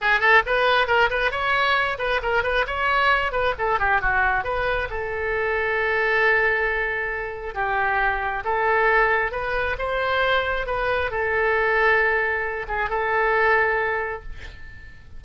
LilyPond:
\new Staff \with { instrumentName = "oboe" } { \time 4/4 \tempo 4 = 135 gis'8 a'8 b'4 ais'8 b'8 cis''4~ | cis''8 b'8 ais'8 b'8 cis''4. b'8 | a'8 g'8 fis'4 b'4 a'4~ | a'1~ |
a'4 g'2 a'4~ | a'4 b'4 c''2 | b'4 a'2.~ | a'8 gis'8 a'2. | }